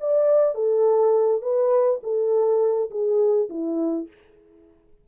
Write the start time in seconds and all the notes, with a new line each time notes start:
0.00 D5
0.55 A4
1.42 B4
2.03 A4
2.90 G#4
3.50 E4